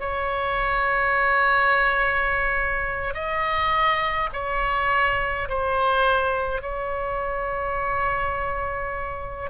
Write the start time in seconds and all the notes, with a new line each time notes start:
0.00 C#5
3.14 D#5
4.33 C#5
5.49 C5
6.62 C#5